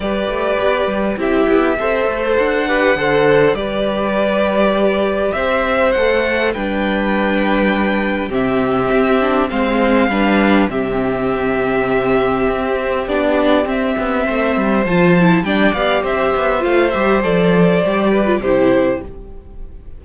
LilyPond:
<<
  \new Staff \with { instrumentName = "violin" } { \time 4/4 \tempo 4 = 101 d''2 e''2 | fis''2 d''2~ | d''4 e''4 fis''4 g''4~ | g''2 e''2 |
f''2 e''2~ | e''2 d''4 e''4~ | e''4 a''4 g''8 f''8 e''4 | f''8 e''8 d''2 c''4 | }
  \new Staff \with { instrumentName = "violin" } { \time 4/4 b'2 g'4 c''4~ | c''8 b'8 c''4 b'2~ | b'4 c''2 b'4~ | b'2 g'2 |
c''4 b'4 g'2~ | g'1 | c''2 d''4 c''4~ | c''2~ c''8 b'8 g'4 | }
  \new Staff \with { instrumentName = "viola" } { \time 4/4 g'2 e'4 a'4~ | a'8 g'8 a'4 g'2~ | g'2 a'4 d'4~ | d'2 c'4. d'8 |
c'4 d'4 c'2~ | c'2 d'4 c'4~ | c'4 f'8 e'8 d'8 g'4. | f'8 g'8 a'4 g'8. f'16 e'4 | }
  \new Staff \with { instrumentName = "cello" } { \time 4/4 g8 a8 b8 g8 c'8 b8 c'8 a8 | d'4 d4 g2~ | g4 c'4 a4 g4~ | g2 c4 c'4 |
gis4 g4 c2~ | c4 c'4 b4 c'8 b8 | a8 g8 f4 g8 b8 c'8 b8 | a8 g8 f4 g4 c4 | }
>>